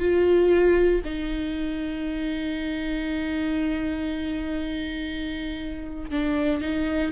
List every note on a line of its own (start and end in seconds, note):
0.00 1.02 F4
1.04 6.11 D#4
6.11 6.61 D4
6.61 7.12 D#4